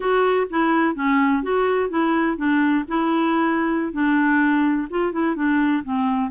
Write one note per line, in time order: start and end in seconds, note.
0.00 0.47 F#4
0.50 0.95 E4
0.95 1.42 C#4
1.42 1.89 F#4
1.89 2.37 E4
2.37 2.84 D4
2.88 3.93 E4
3.93 4.88 D4
4.89 5.12 F4
5.12 5.35 E4
5.35 5.83 D4
5.84 6.31 C4